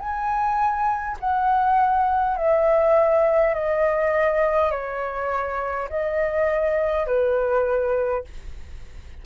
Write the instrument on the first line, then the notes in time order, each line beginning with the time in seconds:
flute
0.00 G#5
1.20 F#5
2.37 E5
3.55 D#5
4.72 C#5
5.90 D#5
7.07 B4